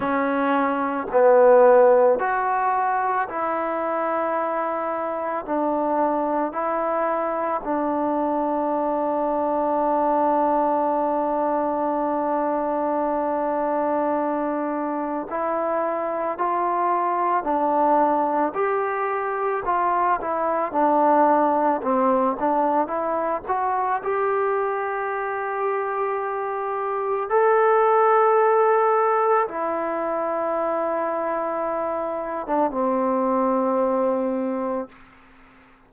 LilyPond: \new Staff \with { instrumentName = "trombone" } { \time 4/4 \tempo 4 = 55 cis'4 b4 fis'4 e'4~ | e'4 d'4 e'4 d'4~ | d'1~ | d'2 e'4 f'4 |
d'4 g'4 f'8 e'8 d'4 | c'8 d'8 e'8 fis'8 g'2~ | g'4 a'2 e'4~ | e'4.~ e'16 d'16 c'2 | }